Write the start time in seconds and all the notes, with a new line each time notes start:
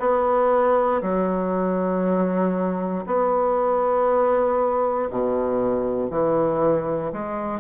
0.00 B3
1.02 F#3
3.06 B3
5.10 B2
6.10 E3
7.13 G#3